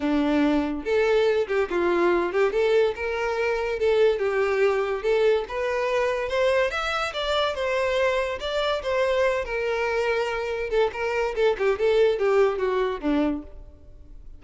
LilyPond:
\new Staff \with { instrumentName = "violin" } { \time 4/4 \tempo 4 = 143 d'2 a'4. g'8 | f'4. g'8 a'4 ais'4~ | ais'4 a'4 g'2 | a'4 b'2 c''4 |
e''4 d''4 c''2 | d''4 c''4. ais'4.~ | ais'4. a'8 ais'4 a'8 g'8 | a'4 g'4 fis'4 d'4 | }